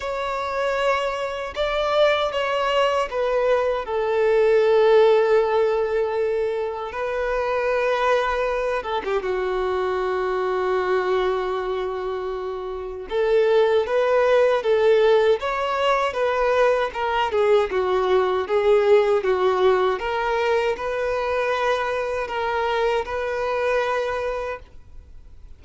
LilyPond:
\new Staff \with { instrumentName = "violin" } { \time 4/4 \tempo 4 = 78 cis''2 d''4 cis''4 | b'4 a'2.~ | a'4 b'2~ b'8 a'16 g'16 | fis'1~ |
fis'4 a'4 b'4 a'4 | cis''4 b'4 ais'8 gis'8 fis'4 | gis'4 fis'4 ais'4 b'4~ | b'4 ais'4 b'2 | }